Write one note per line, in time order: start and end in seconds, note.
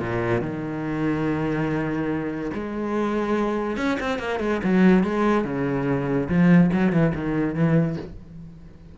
0.00 0.41 A#2
0.41 2.51 D#3
2.54 3.77 G#3
3.77 3.98 C#4
4.01 4.19 C4
4.19 4.40 A#3
4.40 4.61 G#3
4.64 5.04 F#3
5.04 5.45 G#3
5.45 6.29 C#3
6.29 6.71 F3
6.73 6.92 F#3
6.92 7.13 E3
7.15 7.55 D#3
7.55 7.97 E3